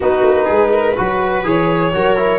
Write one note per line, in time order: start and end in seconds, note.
0.00 0.23 B3
0.00 0.96 D#4
0.00 0.45 F#4
0.00 1.46 B4
0.23 0.47 A#3
0.45 0.97 G#3
0.45 0.69 G#4
0.72 0.96 A#4
0.96 1.44 F#3
0.96 1.44 F#4
0.96 1.93 B4
1.44 1.93 E3
1.44 1.92 G#4
1.44 2.39 C#5
1.93 2.39 F#3
1.93 2.16 F#4
1.93 2.39 A#4
2.16 2.39 E4